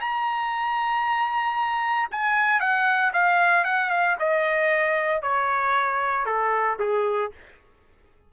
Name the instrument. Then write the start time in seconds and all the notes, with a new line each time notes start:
trumpet
0.00 A#5
2.11 G#5
2.60 F#5
3.13 F5
3.64 F#5
3.90 F5
4.19 D#5
5.22 C#5
6.25 A4
6.79 G#4